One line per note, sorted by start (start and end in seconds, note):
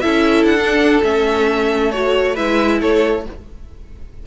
0.00 0.45 C#4
0.00 0.58 E4
0.00 2.34 A4
0.00 0.45 E5
0.45 1.01 D4
0.45 1.01 F#5
0.58 1.03 D4
1.03 2.38 A3
1.03 1.92 C#4
1.03 1.91 E5
1.91 2.36 F#4
1.91 2.36 C#5
2.34 2.81 G#3
2.34 3.25 E4
2.34 2.78 B4
2.34 2.81 E5
2.81 3.26 A3
2.81 3.26 A4
2.81 3.27 C#5